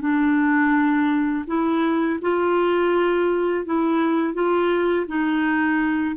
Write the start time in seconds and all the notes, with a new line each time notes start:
0.00 D4
1.47 E4
2.21 F4
3.65 E4
4.33 F4
5.07 D#4